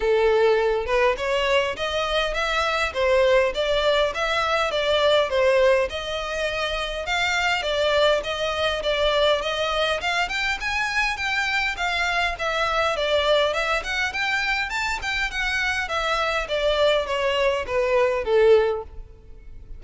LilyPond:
\new Staff \with { instrumentName = "violin" } { \time 4/4 \tempo 4 = 102 a'4. b'8 cis''4 dis''4 | e''4 c''4 d''4 e''4 | d''4 c''4 dis''2 | f''4 d''4 dis''4 d''4 |
dis''4 f''8 g''8 gis''4 g''4 | f''4 e''4 d''4 e''8 fis''8 | g''4 a''8 g''8 fis''4 e''4 | d''4 cis''4 b'4 a'4 | }